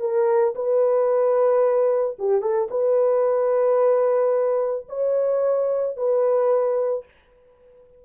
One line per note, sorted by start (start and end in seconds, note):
0.00 0.54 A#4
0.55 2.17 B4
2.19 2.42 G4
2.42 2.69 A4
2.71 4.87 B4
4.89 5.97 C#5
5.97 7.05 B4